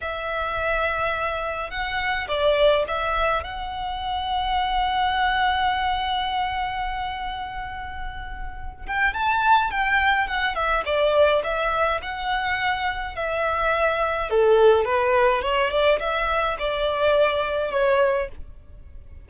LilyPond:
\new Staff \with { instrumentName = "violin" } { \time 4/4 \tempo 4 = 105 e''2. fis''4 | d''4 e''4 fis''2~ | fis''1~ | fis''2.~ fis''8 g''8 |
a''4 g''4 fis''8 e''8 d''4 | e''4 fis''2 e''4~ | e''4 a'4 b'4 cis''8 d''8 | e''4 d''2 cis''4 | }